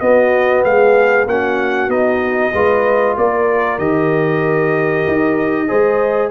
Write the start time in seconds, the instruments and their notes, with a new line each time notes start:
0.00 tuba B3, trombone B3, horn F#4, trumpet D#5
0.64 tuba G#3, horn G#4, trumpet F5
1.26 tuba A#3, trombone C#4, horn F#4, trumpet F#5
1.88 tuba B3, trombone D#4, trumpet D#5
2.54 tuba G#3, trombone F4, horn B4
3.17 tuba A#3, horn A#4, trumpet D5
3.78 tuba D#3, trombone G4, trumpet D#5
5.07 tuba D#4
5.68 tuba G#3, trombone G#4, horn C5